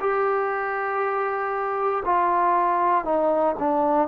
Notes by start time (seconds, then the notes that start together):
0.00 G4
2.05 F4
3.05 D#4
3.59 D4